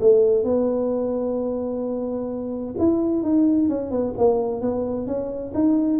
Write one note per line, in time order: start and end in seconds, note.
0.00 0.44 A3
0.44 2.75 B3
2.78 3.23 E4
3.23 3.69 D#4
3.69 3.91 C#4
3.91 4.14 B3
4.17 4.61 A#3
4.61 5.07 B3
5.07 5.53 C#4
5.54 6.00 D#4